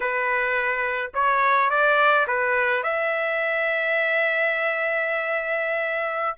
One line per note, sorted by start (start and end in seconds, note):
0.00 1.11 B4
1.13 1.70 C#5
1.70 2.26 D5
2.27 2.83 B4
2.83 6.37 E5